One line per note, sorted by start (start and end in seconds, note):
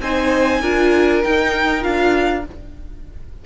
0.00 0.61 C4
0.00 0.62 D#4
0.00 0.61 C5
0.00 1.23 G#5
0.61 1.23 D4
0.61 1.23 F4
0.61 2.45 A#4
1.23 1.81 D#4
1.23 1.84 D#4
1.23 1.83 G5
1.81 2.45 D4
1.81 2.42 F4
1.81 2.44 F5